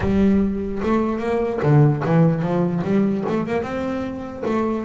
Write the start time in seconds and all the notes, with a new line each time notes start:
0.00 G3
0.82 A3
1.19 A#3
1.62 D3
2.05 E3
2.42 F3
2.84 G3
3.28 A3
3.47 A#3
3.62 C4
4.45 A3